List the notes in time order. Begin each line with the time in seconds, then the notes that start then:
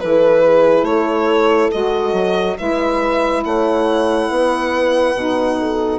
0.00 E3 E4 A4 B4
0.44 G#4
0.83 A3 A4 C#5
1.72 G#3 F#4 D#5
2.13 F#3
2.57 G#3 E4 B4 E5
3.45 A3 C#5 F#5
4.30 B3 B4
5.15 B2 D#4
5.59 A4